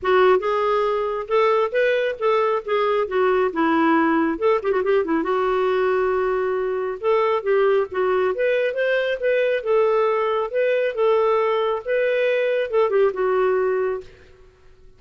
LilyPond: \new Staff \with { instrumentName = "clarinet" } { \time 4/4 \tempo 4 = 137 fis'4 gis'2 a'4 | b'4 a'4 gis'4 fis'4 | e'2 a'8 g'16 fis'16 g'8 e'8 | fis'1 |
a'4 g'4 fis'4 b'4 | c''4 b'4 a'2 | b'4 a'2 b'4~ | b'4 a'8 g'8 fis'2 | }